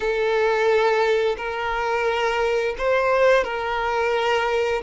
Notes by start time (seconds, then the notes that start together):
0.00 A4
1.37 A#4
2.77 C5
3.44 A#4